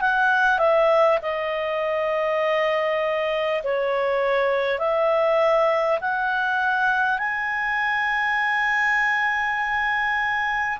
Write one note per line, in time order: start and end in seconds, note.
0.00 0.58 F#5
0.58 1.18 E5
1.22 3.62 D#5
3.63 4.78 C#5
4.78 5.98 E5
6.01 7.18 F#5
7.18 10.78 G#5